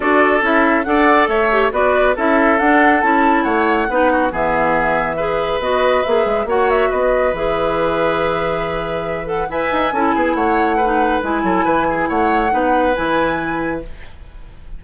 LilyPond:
<<
  \new Staff \with { instrumentName = "flute" } { \time 4/4 \tempo 4 = 139 d''4 e''4 fis''4 e''4 | d''4 e''4 fis''4 a''4 | fis''2 e''2~ | e''4 dis''4 e''4 fis''8 e''8 |
dis''4 e''2.~ | e''4. fis''8 gis''2 | fis''2 gis''2 | fis''2 gis''2 | }
  \new Staff \with { instrumentName = "oboe" } { \time 4/4 a'2 d''4 cis''4 | b'4 a'2. | cis''4 b'8 fis'8 gis'2 | b'2. cis''4 |
b'1~ | b'2 e''4 a'8 gis'8 | cis''4 b'4. a'8 b'8 gis'8 | cis''4 b'2. | }
  \new Staff \with { instrumentName = "clarinet" } { \time 4/4 fis'4 e'4 a'4. g'8 | fis'4 e'4 d'4 e'4~ | e'4 dis'4 b2 | gis'4 fis'4 gis'4 fis'4~ |
fis'4 gis'2.~ | gis'4. a'8 b'4 e'4~ | e'4 dis'4 e'2~ | e'4 dis'4 e'2 | }
  \new Staff \with { instrumentName = "bassoon" } { \time 4/4 d'4 cis'4 d'4 a4 | b4 cis'4 d'4 cis'4 | a4 b4 e2~ | e4 b4 ais8 gis8 ais4 |
b4 e2.~ | e2 e'8 dis'8 cis'8 b8 | a2 gis8 fis8 e4 | a4 b4 e2 | }
>>